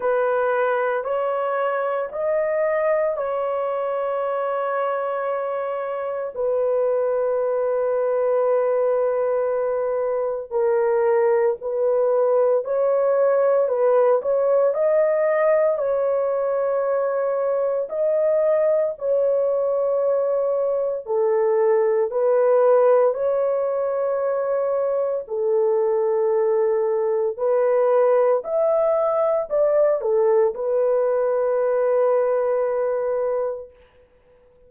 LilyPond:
\new Staff \with { instrumentName = "horn" } { \time 4/4 \tempo 4 = 57 b'4 cis''4 dis''4 cis''4~ | cis''2 b'2~ | b'2 ais'4 b'4 | cis''4 b'8 cis''8 dis''4 cis''4~ |
cis''4 dis''4 cis''2 | a'4 b'4 cis''2 | a'2 b'4 e''4 | d''8 a'8 b'2. | }